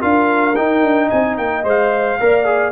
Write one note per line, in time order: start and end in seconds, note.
0.00 0.57 D4
0.00 0.54 F4
0.00 1.07 A#4
0.00 0.55 F5
0.55 1.64 D#4
0.55 0.83 D#4
0.55 1.09 G5
0.83 1.10 D4
1.07 1.38 C4
1.07 2.15 D#5
1.07 1.37 G#5
1.37 1.64 A#3
1.37 1.64 G5
1.64 2.18 G#3
1.64 2.18 C5
1.64 2.71 F5
2.20 2.71 A#3
2.20 2.45 A#4
2.20 2.71 D5
2.45 2.71 G#4